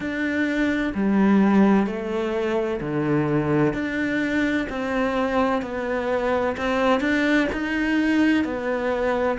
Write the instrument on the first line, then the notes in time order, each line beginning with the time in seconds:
cello
0.00 D4
0.94 G3
1.86 A3
2.80 D3
3.73 D4
4.69 C4
5.62 B3
6.57 C4
7.00 D4
7.52 D#4
8.44 B3